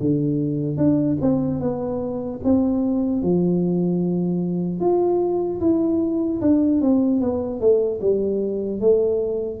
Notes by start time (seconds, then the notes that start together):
0.00 D3
0.77 D4
1.21 C4
1.60 B3
2.44 C4
3.22 F3
4.80 F4
5.60 E4
6.41 D4
6.81 C4
7.20 B3
7.60 A3
8.00 G3
8.80 A3